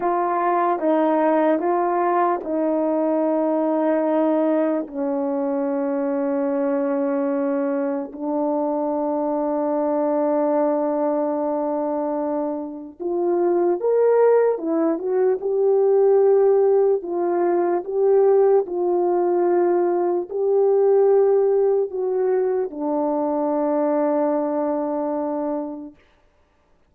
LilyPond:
\new Staff \with { instrumentName = "horn" } { \time 4/4 \tempo 4 = 74 f'4 dis'4 f'4 dis'4~ | dis'2 cis'2~ | cis'2 d'2~ | d'1 |
f'4 ais'4 e'8 fis'8 g'4~ | g'4 f'4 g'4 f'4~ | f'4 g'2 fis'4 | d'1 | }